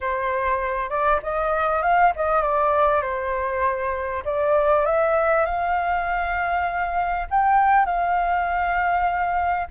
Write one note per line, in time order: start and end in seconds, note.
0.00 0.89 C5
0.89 1.20 D5
1.23 1.82 D#5
1.82 2.12 F5
2.16 2.41 D#5
2.41 3.02 D5
3.02 4.23 C5
4.25 4.85 D5
4.85 5.45 E5
5.45 7.27 F5
7.30 7.85 G5
7.85 9.67 F5